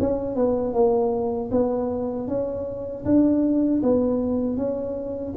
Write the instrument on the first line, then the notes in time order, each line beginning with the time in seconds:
tuba
0.00 C#4
0.36 B3
0.73 A#3
1.51 B3
2.28 C#4
3.05 D4
3.83 B3
4.57 C#4